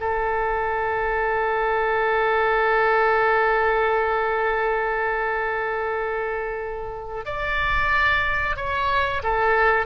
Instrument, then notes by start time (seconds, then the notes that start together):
oboe
0.00 A4
7.25 D5
8.56 C#5
9.22 A4